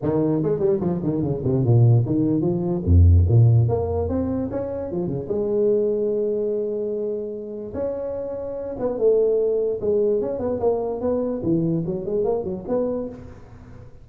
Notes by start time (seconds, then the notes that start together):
0.02 D#3
0.42 G#3
0.59 G3
0.80 F3
1.03 D#3
1.22 C#3
1.44 C3
1.64 A#2
2.06 D#3
2.41 F3
2.84 F2
3.28 A#2
3.68 A#3
4.08 C4
4.50 C#4
4.91 F3
5.07 C#3
5.28 G#3
7.74 C#4
8.79 B3
8.98 A3
9.81 G#3
10.21 C#4
10.39 B3
10.60 A#3
11.00 B3
11.43 E3
11.86 F#3
12.05 G#3
12.24 A#3
12.44 F#3
12.68 B3